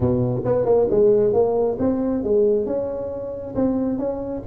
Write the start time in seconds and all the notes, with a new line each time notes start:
0.00 B2
0.44 B3
0.65 A#3
0.90 G#3
1.33 A#3
1.79 C4
2.23 G#3
2.65 C#4
3.55 C4
3.98 C#4